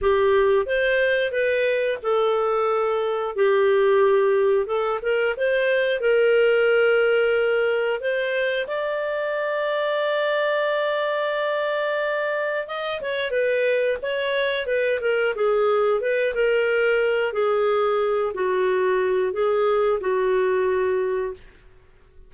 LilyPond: \new Staff \with { instrumentName = "clarinet" } { \time 4/4 \tempo 4 = 90 g'4 c''4 b'4 a'4~ | a'4 g'2 a'8 ais'8 | c''4 ais'2. | c''4 d''2.~ |
d''2. dis''8 cis''8 | b'4 cis''4 b'8 ais'8 gis'4 | b'8 ais'4. gis'4. fis'8~ | fis'4 gis'4 fis'2 | }